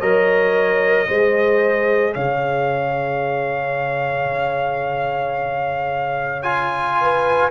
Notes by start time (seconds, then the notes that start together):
0.00 F#3 A#4 C#5 D#5
1.08 G#3 G#4 C5
2.15 C#3 C#5 F5
6.43 F4 G#5
7.01 B4